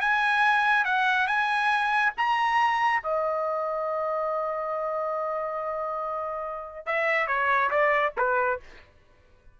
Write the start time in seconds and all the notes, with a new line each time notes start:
0.00 G#5
0.84 F#5
1.27 G#5
2.17 A#5
3.02 D#5
6.86 E5
7.27 C#5
7.70 D5
8.17 B4